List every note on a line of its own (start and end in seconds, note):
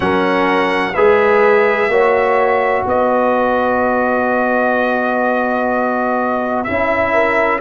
0.00 0.95 F#3
0.00 0.93 C#4
0.00 0.94 A#4
0.00 0.94 F#5
0.94 1.87 G#3
0.94 1.90 G#4
0.94 1.89 B4
0.94 2.84 E5
1.87 2.83 A#3
1.87 6.66 F#4
1.87 2.86 C#5
2.85 6.66 B3
2.85 7.12 B4
2.85 6.64 D#5
6.64 7.60 C#4
6.64 7.60 E4
6.64 7.59 E5
7.12 7.60 A#4